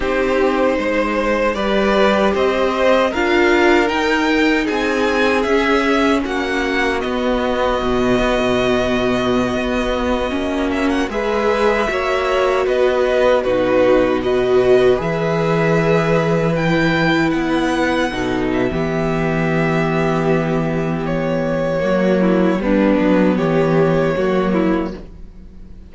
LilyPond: <<
  \new Staff \with { instrumentName = "violin" } { \time 4/4 \tempo 4 = 77 c''2 d''4 dis''4 | f''4 g''4 gis''4 e''4 | fis''4 dis''2.~ | dis''4.~ dis''16 e''16 fis''16 e''4.~ e''16~ |
e''16 dis''4 b'4 dis''4 e''8.~ | e''4~ e''16 g''4 fis''4. e''16~ | e''2. cis''4~ | cis''4 b'4 cis''2 | }
  \new Staff \with { instrumentName = "violin" } { \time 4/4 g'4 c''4 b'4 c''4 | ais'2 gis'2 | fis'1~ | fis'2~ fis'16 b'4 cis''8.~ |
cis''16 b'4 fis'4 b'4.~ b'16~ | b'2.~ b'16 a'8. | g'1 | fis'8 e'8 d'4 g'4 fis'8 e'8 | }
  \new Staff \with { instrumentName = "viola" } { \time 4/4 dis'2 g'2 | f'4 dis'2 cis'4~ | cis'4 b2.~ | b4~ b16 cis'4 gis'4 fis'8.~ |
fis'4~ fis'16 dis'4 fis'4 gis'8.~ | gis'4~ gis'16 e'2 dis'8. | b1 | ais4 b2 ais4 | }
  \new Staff \with { instrumentName = "cello" } { \time 4/4 c'4 gis4 g4 c'4 | d'4 dis'4 c'4 cis'4 | ais4 b4 b,8 b16 b,4~ b,16~ | b,16 b4 ais4 gis4 ais8.~ |
ais16 b4 b,2 e8.~ | e2~ e16 b4 b,8. | e1 | fis4 g8 fis8 e4 fis4 | }
>>